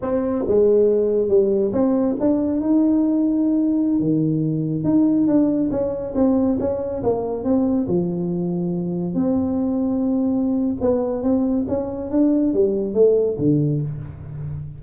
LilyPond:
\new Staff \with { instrumentName = "tuba" } { \time 4/4 \tempo 4 = 139 c'4 gis2 g4 | c'4 d'4 dis'2~ | dis'4~ dis'16 dis2 dis'8.~ | dis'16 d'4 cis'4 c'4 cis'8.~ |
cis'16 ais4 c'4 f4.~ f16~ | f4~ f16 c'2~ c'8.~ | c'4 b4 c'4 cis'4 | d'4 g4 a4 d4 | }